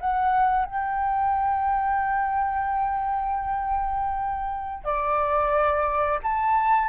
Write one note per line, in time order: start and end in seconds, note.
0.00 0.65 F#5
0.65 4.84 G5
4.84 6.19 D5
6.23 6.88 A5